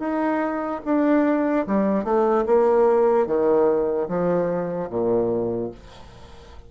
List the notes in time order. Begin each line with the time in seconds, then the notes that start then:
0.00 D#4
0.86 D4
1.67 G3
2.05 A3
2.47 A#3
3.27 D#3
4.09 F3
4.91 A#2